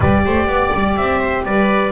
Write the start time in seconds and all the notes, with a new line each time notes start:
0.00 G3 G4 B4 D5
0.24 A3 C5
0.46 B3 D5
0.74 G3
0.96 C4 E5
1.19 C5
1.45 G3 B4 D5